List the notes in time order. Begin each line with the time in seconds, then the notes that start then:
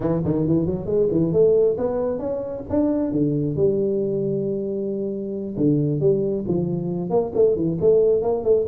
0.00 E3
0.24 D#3
0.46 E3
0.65 F#3
0.85 G#3
1.11 E3
1.32 A3
1.77 B3
2.19 C#4
2.69 D4
3.11 D3
3.56 G3
5.57 D3
6.00 G3
6.47 F3
7.09 A#3
7.34 A3
7.56 E3
7.80 A3
8.22 A#3
8.43 A3